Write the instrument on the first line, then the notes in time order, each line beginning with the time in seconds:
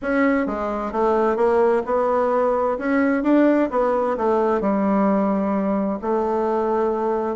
bassoon
0.02 C#4
0.46 G#3
0.91 A3
1.36 A#3
1.85 B3
2.78 C#4
3.23 D4
3.70 B3
4.17 A3
4.60 G3
6.01 A3